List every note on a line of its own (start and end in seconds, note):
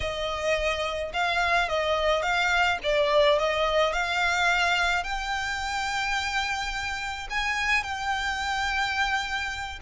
0.00 1.12 D#5
1.13 1.68 F5
1.68 2.22 D#5
2.22 2.78 F5
2.83 3.38 D5
3.38 3.92 D#5
3.92 5.03 F5
5.03 7.27 G5
7.29 7.83 G#5
7.83 9.79 G5